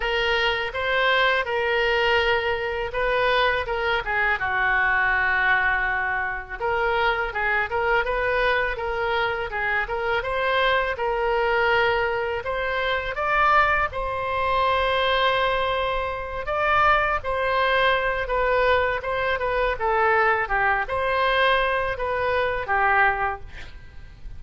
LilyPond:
\new Staff \with { instrumentName = "oboe" } { \time 4/4 \tempo 4 = 82 ais'4 c''4 ais'2 | b'4 ais'8 gis'8 fis'2~ | fis'4 ais'4 gis'8 ais'8 b'4 | ais'4 gis'8 ais'8 c''4 ais'4~ |
ais'4 c''4 d''4 c''4~ | c''2~ c''8 d''4 c''8~ | c''4 b'4 c''8 b'8 a'4 | g'8 c''4. b'4 g'4 | }